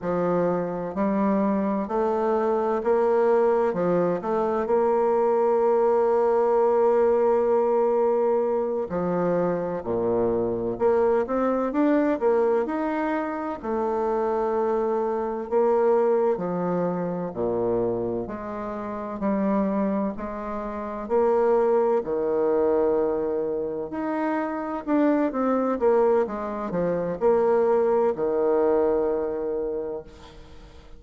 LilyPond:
\new Staff \with { instrumentName = "bassoon" } { \time 4/4 \tempo 4 = 64 f4 g4 a4 ais4 | f8 a8 ais2.~ | ais4. f4 ais,4 ais8 | c'8 d'8 ais8 dis'4 a4.~ |
a8 ais4 f4 ais,4 gis8~ | gis8 g4 gis4 ais4 dis8~ | dis4. dis'4 d'8 c'8 ais8 | gis8 f8 ais4 dis2 | }